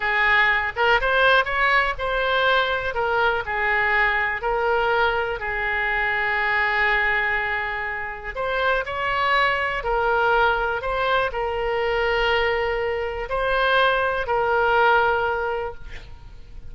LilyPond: \new Staff \with { instrumentName = "oboe" } { \time 4/4 \tempo 4 = 122 gis'4. ais'8 c''4 cis''4 | c''2 ais'4 gis'4~ | gis'4 ais'2 gis'4~ | gis'1~ |
gis'4 c''4 cis''2 | ais'2 c''4 ais'4~ | ais'2. c''4~ | c''4 ais'2. | }